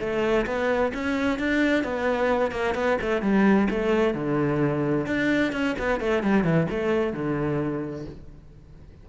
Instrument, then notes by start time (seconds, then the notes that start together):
cello
0.00 A3
0.46 B3
0.94 C#4
1.39 D4
1.84 B3
2.52 A#3
2.75 B3
3.02 A3
3.22 G3
3.71 A3
4.15 D3
5.07 D4
5.53 C#4
5.79 B3
6.01 A3
6.23 G3
6.44 E3
6.70 A3
7.13 D3